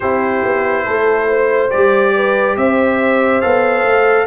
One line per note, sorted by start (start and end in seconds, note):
0.00 0.44 C4
0.00 1.70 E4
0.00 0.85 G4
0.00 1.70 C5
0.44 0.86 B3
0.85 1.72 A3
0.85 1.28 A4
1.29 2.14 C5
1.70 2.56 G3
1.70 3.41 G4
1.70 2.56 D5
2.15 2.57 B4
2.56 3.42 C4
2.56 4.27 C5
2.56 3.41 E5
3.41 3.84 B3
3.41 4.27 A4
3.41 4.26 F5
3.84 4.27 A3